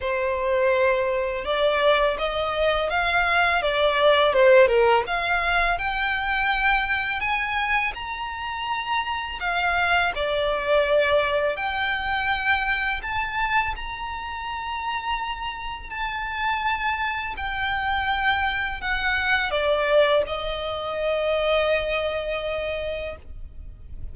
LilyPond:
\new Staff \with { instrumentName = "violin" } { \time 4/4 \tempo 4 = 83 c''2 d''4 dis''4 | f''4 d''4 c''8 ais'8 f''4 | g''2 gis''4 ais''4~ | ais''4 f''4 d''2 |
g''2 a''4 ais''4~ | ais''2 a''2 | g''2 fis''4 d''4 | dis''1 | }